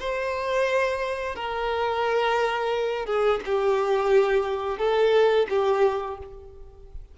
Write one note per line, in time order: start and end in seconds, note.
0.00 1.36 C5
1.36 3.06 A#4
3.06 3.41 G#4
3.46 4.79 G4
4.79 5.48 A4
5.50 6.19 G4